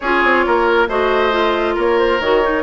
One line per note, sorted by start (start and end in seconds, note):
0.00 0.23 C#4
0.00 0.89 F4
0.00 0.45 G#4
0.00 0.87 C#5
0.23 0.45 C4
0.46 0.88 A#3
0.46 0.89 A#4
0.87 1.76 A3
0.87 1.31 F#4
0.87 1.75 C5
0.87 1.76 D#5
1.31 2.20 F4
1.75 2.19 A#3
1.75 2.62 A#4
1.75 1.98 C#5
1.98 2.20 C5
2.19 2.62 D#3
2.19 2.43 F#4
2.19 2.62 C#5
2.43 2.62 D#4